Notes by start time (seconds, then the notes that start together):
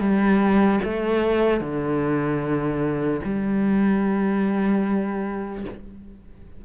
0.00 G3
0.84 A3
1.61 D3
3.25 G3